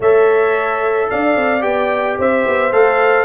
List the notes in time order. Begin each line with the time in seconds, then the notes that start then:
0.00 A3 A4 C#5 E5
1.10 D4 D5 F5
1.35 C4
1.60 B3 G4 G5
2.18 C4 C5 E5
2.46 B3
2.72 A3 A4 F5